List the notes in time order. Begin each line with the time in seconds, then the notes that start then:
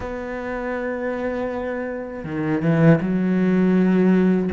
0.00 B3
2.24 D#3
2.61 E3
3.00 F#3